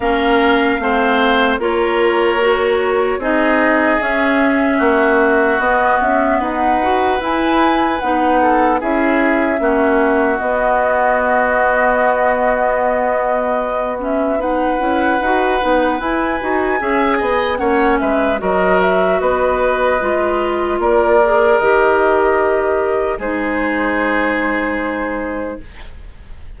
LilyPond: <<
  \new Staff \with { instrumentName = "flute" } { \time 4/4 \tempo 4 = 75 f''2 cis''2 | dis''4 e''2 dis''8 e''8 | fis''4 gis''4 fis''4 e''4~ | e''4 dis''2.~ |
dis''4. e''8 fis''2 | gis''2 fis''8 e''8 dis''8 e''8 | dis''2 d''4 dis''4~ | dis''4 c''2. | }
  \new Staff \with { instrumentName = "oboe" } { \time 4/4 ais'4 c''4 ais'2 | gis'2 fis'2 | b'2~ b'8 a'8 gis'4 | fis'1~ |
fis'2 b'2~ | b'4 e''8 dis''8 cis''8 b'8 ais'4 | b'2 ais'2~ | ais'4 gis'2. | }
  \new Staff \with { instrumentName = "clarinet" } { \time 4/4 cis'4 c'4 f'4 fis'4 | dis'4 cis'2 b4~ | b8 fis'8 e'4 dis'4 e'4 | cis'4 b2.~ |
b4. cis'8 dis'8 e'8 fis'8 dis'8 | e'8 fis'8 gis'4 cis'4 fis'4~ | fis'4 f'4. gis'8 g'4~ | g'4 dis'2. | }
  \new Staff \with { instrumentName = "bassoon" } { \time 4/4 ais4 a4 ais2 | c'4 cis'4 ais4 b8 cis'8 | dis'4 e'4 b4 cis'4 | ais4 b2.~ |
b2~ b8 cis'8 dis'8 b8 | e'8 dis'8 cis'8 b8 ais8 gis8 fis4 | b4 gis4 ais4 dis4~ | dis4 gis2. | }
>>